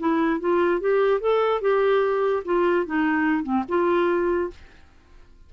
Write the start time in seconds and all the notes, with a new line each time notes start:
0.00 E4
0.41 F4
0.81 G4
1.21 A4
1.62 G4
2.45 F4
2.87 D#4
3.44 C4
3.69 F4